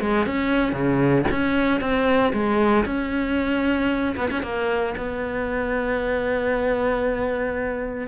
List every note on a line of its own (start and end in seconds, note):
0.00 0.26 G#3
0.26 0.73 C#4
0.73 1.25 C#3
1.31 1.80 C#4
1.80 2.32 C4
2.33 2.85 G#3
2.85 4.15 C#4
4.16 4.29 B3
4.31 4.42 C#4
4.42 4.94 A#3
4.97 8.07 B3